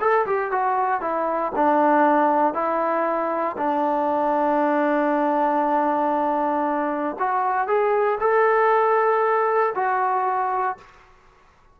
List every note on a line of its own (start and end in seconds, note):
0.00 0.26 A4
0.26 0.51 G4
0.51 1.00 F#4
1.00 1.52 E4
1.55 2.53 D4
2.53 3.56 E4
3.57 7.16 D4
7.18 7.67 F#4
7.67 8.18 G#4
8.20 9.73 A4
9.75 10.77 F#4